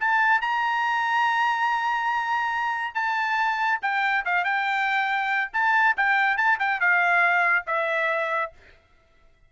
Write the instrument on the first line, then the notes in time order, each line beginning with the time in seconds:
trumpet
0.00 A5
0.41 A#5
2.94 A5
3.82 G5
4.25 F5
4.44 G5
5.53 A5
5.97 G5
6.37 A5
6.59 G5
6.80 F5
7.67 E5